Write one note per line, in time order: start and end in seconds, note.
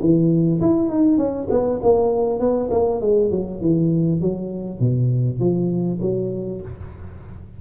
0.00 0.60 E3
0.60 0.89 E4
0.89 1.17 D#4
1.17 1.47 C#4
1.49 1.79 B3
1.82 2.39 A#3
2.39 2.69 B3
2.70 3.00 A#3
3.00 3.30 G#3
3.31 3.60 F#3
3.60 4.20 E3
4.20 4.79 F#3
4.79 5.39 B2
5.39 5.99 F3
6.01 6.61 F#3